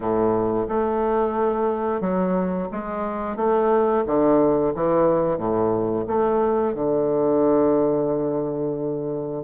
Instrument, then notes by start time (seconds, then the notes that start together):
bassoon
0.00 A2
0.68 A3
2.00 F#3
2.71 G#3
3.36 A3
4.06 D3
4.74 E3
5.37 A2
6.07 A3
6.74 D3